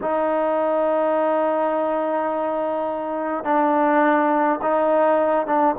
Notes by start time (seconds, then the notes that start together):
0.01 D#4
3.44 D4
4.62 D#4
5.46 D4